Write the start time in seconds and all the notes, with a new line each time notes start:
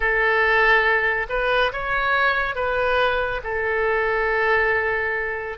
0.00 A4
1.29 B4
1.72 C#5
2.55 B4
3.43 A4